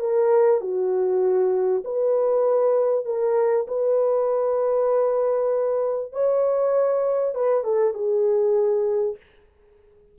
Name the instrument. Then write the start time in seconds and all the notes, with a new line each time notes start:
horn
0.00 A#4
0.61 F#4
1.85 B4
3.06 A#4
3.68 B4
6.13 C#5
7.35 B4
7.64 A4
7.94 G#4